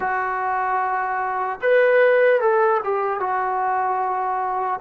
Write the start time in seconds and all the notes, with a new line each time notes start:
0.00 F#4
1.61 B4
2.40 A4
2.83 G4
3.20 F#4